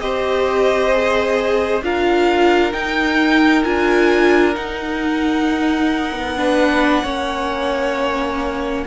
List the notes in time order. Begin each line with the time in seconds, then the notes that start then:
0.00 C4 G4 C5 D#5
0.92 G#4
1.82 D4 F4 A#4 F5
2.72 D#4 G5
3.64 D4 F4 G#5
4.54 D#4 F#5
6.12 B3
6.36 D4 B4
7.03 A#3 C#4 C#5